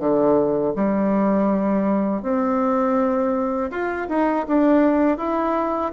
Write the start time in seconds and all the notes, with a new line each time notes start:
0.00 D3
0.76 G3
2.23 C4
3.71 F4
4.09 D#4
4.48 D4
5.18 E4